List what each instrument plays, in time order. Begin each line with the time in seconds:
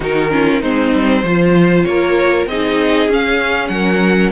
0.00 cello D#3, viola D#4, violin F#4 A#4
0.30 viola C#4, violin F4
0.60 cello G#3, viola C4, violin D#4 C5
0.93 cello G3
1.23 cello F3, viola F4, violin C5
1.83 cello A#3, violin A#4 C#5
2.46 cello C4, viola D#4, violin G#4 D#5
3.09 cello C#4, viola C#4, violin F5
3.67 cello F#3, violin A#4 F#5